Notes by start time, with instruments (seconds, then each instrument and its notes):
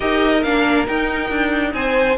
0.00 cello D#4, viola G4, violin A#4 D#5
0.43 cello A#3, viola D4, violin F5
0.86 viola D#4, cello D#4, violin G5
1.30 cello D4
1.73 cello C4, violin C5 G#5